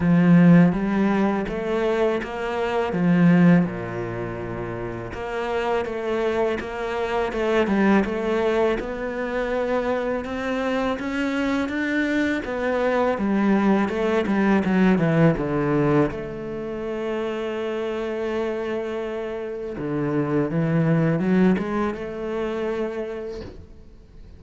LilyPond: \new Staff \with { instrumentName = "cello" } { \time 4/4 \tempo 4 = 82 f4 g4 a4 ais4 | f4 ais,2 ais4 | a4 ais4 a8 g8 a4 | b2 c'4 cis'4 |
d'4 b4 g4 a8 g8 | fis8 e8 d4 a2~ | a2. d4 | e4 fis8 gis8 a2 | }